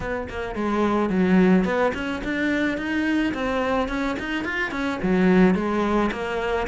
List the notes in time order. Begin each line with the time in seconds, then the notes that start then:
0.00 B3
0.29 A#3
0.55 G#3
1.09 F#3
1.64 B3
1.94 C#4
2.23 D4
2.77 D#4
3.33 C4
3.88 C#4
4.19 D#4
4.44 F4
4.71 C#4
5.02 F#3
5.55 G#3
6.11 A#3